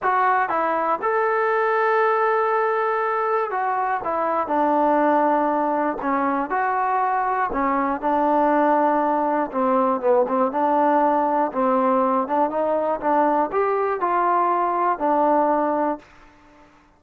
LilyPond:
\new Staff \with { instrumentName = "trombone" } { \time 4/4 \tempo 4 = 120 fis'4 e'4 a'2~ | a'2. fis'4 | e'4 d'2. | cis'4 fis'2 cis'4 |
d'2. c'4 | b8 c'8 d'2 c'4~ | c'8 d'8 dis'4 d'4 g'4 | f'2 d'2 | }